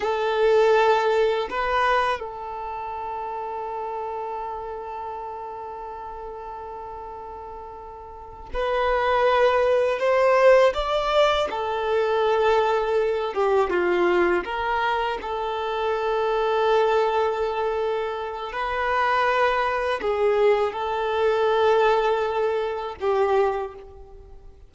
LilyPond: \new Staff \with { instrumentName = "violin" } { \time 4/4 \tempo 4 = 81 a'2 b'4 a'4~ | a'1~ | a'2.~ a'8 b'8~ | b'4. c''4 d''4 a'8~ |
a'2 g'8 f'4 ais'8~ | ais'8 a'2.~ a'8~ | a'4 b'2 gis'4 | a'2. g'4 | }